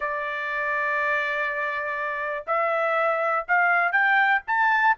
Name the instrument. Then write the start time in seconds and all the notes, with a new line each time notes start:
trumpet
0.00 D5
2.46 E5
3.48 F5
3.92 G5
4.47 A5